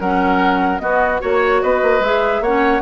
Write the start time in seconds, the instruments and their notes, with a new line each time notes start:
0.00 bassoon F#3, clarinet C#4, oboe A#4, flute F#5
0.79 clarinet B3, bassoon B3, oboe F#4, flute D#5
1.20 bassoon A#3, clarinet F#4, oboe C#5, flute C#5
1.62 bassoon B3, oboe B4, flute D#5
1.82 bassoon A#3
2.00 bassoon G#3, clarinet G#4, flute E5
2.41 bassoon A#3, clarinet C#4, oboe C#5, flute F#5